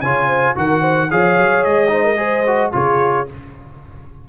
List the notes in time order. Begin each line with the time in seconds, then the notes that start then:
0.00 C#3 F4 C#5 G#5
0.27 C5
0.55 D#3 F#4 A#4 F#5
0.80 C5
1.10 F3 G#4 C#5 F5
1.38 F#3
1.63 G#3 D#5
1.88 D#4 C5
2.04 A#4
2.16 G#4 C5
2.46 F#4
2.72 C#3 F4 G#4 C#5